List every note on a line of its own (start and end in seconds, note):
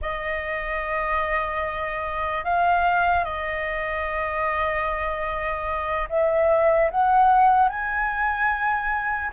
0.01 2.44 D#5
2.44 3.24 F5
3.24 6.08 D#5
6.09 6.90 E5
6.90 7.68 F#5
7.68 9.31 G#5